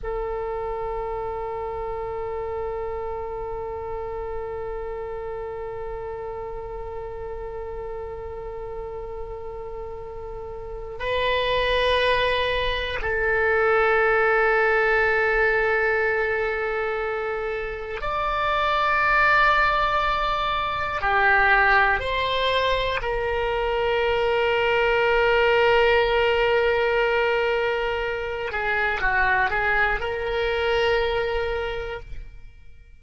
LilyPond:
\new Staff \with { instrumentName = "oboe" } { \time 4/4 \tempo 4 = 60 a'1~ | a'1~ | a'2. b'4~ | b'4 a'2.~ |
a'2 d''2~ | d''4 g'4 c''4 ais'4~ | ais'1~ | ais'8 gis'8 fis'8 gis'8 ais'2 | }